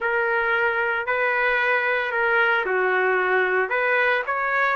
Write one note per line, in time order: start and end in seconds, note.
0.00 1.06 A#4
1.06 2.11 B4
2.11 2.64 A#4
2.65 3.69 F#4
3.69 4.22 B4
4.26 4.76 C#5